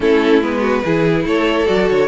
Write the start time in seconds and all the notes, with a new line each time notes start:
0.00 A3 C#4 E4 A4
0.41 G#3 B3 B4
0.60 F#4
0.84 E3 E4 G#4
1.24 A3 A4 C#5
1.66 F#3 F#4 D5
1.90 D3 C#5